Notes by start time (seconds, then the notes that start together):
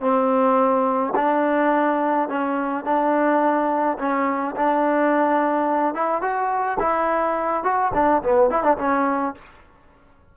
0.00 C4
1.15 D4
2.29 C#4
2.84 D4
3.98 C#4
4.56 D4
5.94 E4
6.21 F#4
6.79 E4
7.63 F#4
7.94 D4
8.23 B3
8.50 E4
8.63 D4
8.77 C#4